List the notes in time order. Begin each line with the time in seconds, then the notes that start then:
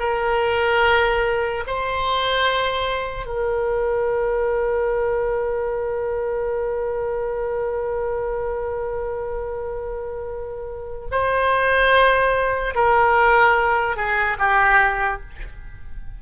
0.00 A#4
1.67 C5
3.27 A#4
11.11 C5
12.75 A#4
13.97 G#4
14.39 G4